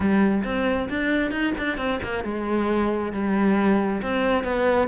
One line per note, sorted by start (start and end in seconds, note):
0.00 0.43 G3
0.44 0.88 C4
0.89 1.31 D4
1.31 1.53 D#4
1.58 1.77 D4
1.77 1.99 C4
2.03 2.24 A#3
2.24 3.12 G#3
3.12 4.01 G3
4.02 4.44 C4
4.44 4.87 B3